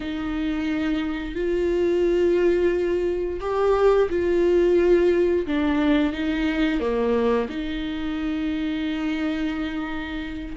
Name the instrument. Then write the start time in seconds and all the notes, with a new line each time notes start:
viola
0.00 D#4
1.35 F4
3.40 G4
4.09 F4
5.46 D4
6.12 D#4
6.79 A#3
7.49 D#4